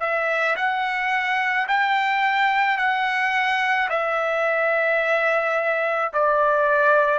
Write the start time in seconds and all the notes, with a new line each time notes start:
0.00 E5
0.56 F#5
1.68 G5
2.78 F#5
3.89 E5
6.13 D5